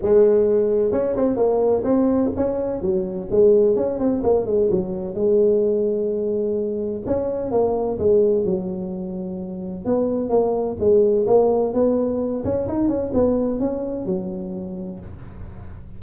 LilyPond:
\new Staff \with { instrumentName = "tuba" } { \time 4/4 \tempo 4 = 128 gis2 cis'8 c'8 ais4 | c'4 cis'4 fis4 gis4 | cis'8 c'8 ais8 gis8 fis4 gis4~ | gis2. cis'4 |
ais4 gis4 fis2~ | fis4 b4 ais4 gis4 | ais4 b4. cis'8 dis'8 cis'8 | b4 cis'4 fis2 | }